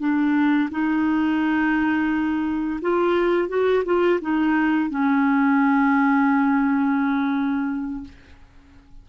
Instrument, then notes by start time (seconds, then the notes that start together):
clarinet
0.00 D4
0.71 D#4
2.82 F4
3.49 F#4
3.85 F4
4.22 D#4
4.91 C#4